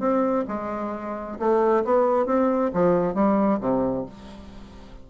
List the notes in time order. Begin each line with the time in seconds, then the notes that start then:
0.00 C4
0.48 G#3
1.39 A3
1.85 B3
2.26 C4
2.74 F3
3.15 G3
3.61 C3